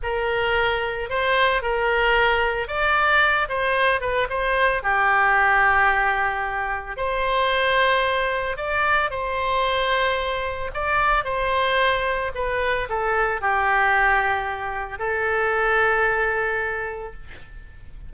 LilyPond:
\new Staff \with { instrumentName = "oboe" } { \time 4/4 \tempo 4 = 112 ais'2 c''4 ais'4~ | ais'4 d''4. c''4 b'8 | c''4 g'2.~ | g'4 c''2. |
d''4 c''2. | d''4 c''2 b'4 | a'4 g'2. | a'1 | }